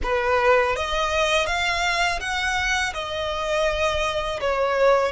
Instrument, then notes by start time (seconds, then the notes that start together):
violin
0.02 B4
0.75 D#5
1.46 F5
2.20 F#5
2.93 D#5
4.40 C#5